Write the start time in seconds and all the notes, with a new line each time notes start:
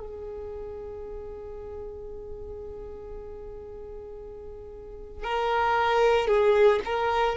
0.00 G#4
5.24 A#4
6.27 G#4
6.85 A#4